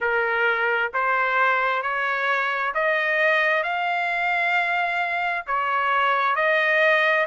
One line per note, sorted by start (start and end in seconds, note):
0.00 0.91 A#4
0.93 1.82 C5
1.82 2.73 C#5
2.74 3.63 D#5
3.63 5.45 F5
5.46 6.35 C#5
6.35 7.26 D#5